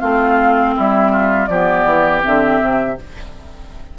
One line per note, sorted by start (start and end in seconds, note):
0.00 0.76 A3
0.00 1.48 C4
0.00 0.74 F4
0.00 0.74 F5
0.76 1.48 G3
0.76 1.12 E4
0.76 1.46 E5
1.12 1.49 F4
1.46 1.85 F3
1.46 2.22 B3
1.46 2.98 G4
1.46 2.21 D5
1.85 2.22 E3
2.22 2.61 D3
2.22 2.96 C4
2.22 2.98 E5
2.61 2.98 C3